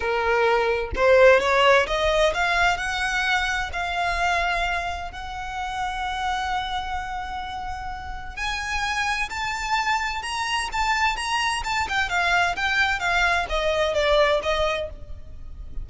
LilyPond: \new Staff \with { instrumentName = "violin" } { \time 4/4 \tempo 4 = 129 ais'2 c''4 cis''4 | dis''4 f''4 fis''2 | f''2. fis''4~ | fis''1~ |
fis''2 gis''2 | a''2 ais''4 a''4 | ais''4 a''8 g''8 f''4 g''4 | f''4 dis''4 d''4 dis''4 | }